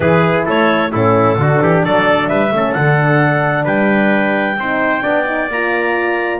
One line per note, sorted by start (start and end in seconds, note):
0.00 0.46 E3
0.00 0.92 E4
0.00 0.45 G#4
0.00 0.44 B4
0.45 0.93 A3
0.45 0.91 A4
0.45 0.92 C#5
0.91 1.36 A2
0.91 1.36 C#4
0.91 1.37 E4
0.91 1.83 A4
1.36 1.58 D3
1.36 2.50 D4
1.36 1.62 F#4
1.61 1.84 E3
1.61 1.84 G4
1.83 2.29 F#3
1.83 2.29 A4
1.83 2.27 D5
2.27 2.51 G3
2.27 2.52 B4
2.27 2.73 E5
2.51 2.74 A3
2.51 2.76 C#4
2.51 3.64 A4
2.73 3.65 D3
2.73 4.59 D4
2.73 3.65 F#5
3.64 4.56 G3
3.64 4.55 B4
3.64 5.49 G5
4.57 5.02 C4
4.57 5.01 D#4
4.57 5.02 C5
5.01 5.48 B3
5.01 5.24 D4
5.01 6.39 D5
5.25 5.48 D#4
5.48 6.39 A#3
5.48 6.39 F4
5.48 6.39 A#5